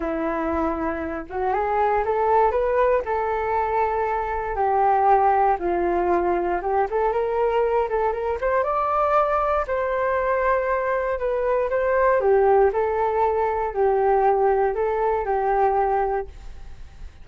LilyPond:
\new Staff \with { instrumentName = "flute" } { \time 4/4 \tempo 4 = 118 e'2~ e'8 fis'8 gis'4 | a'4 b'4 a'2~ | a'4 g'2 f'4~ | f'4 g'8 a'8 ais'4. a'8 |
ais'8 c''8 d''2 c''4~ | c''2 b'4 c''4 | g'4 a'2 g'4~ | g'4 a'4 g'2 | }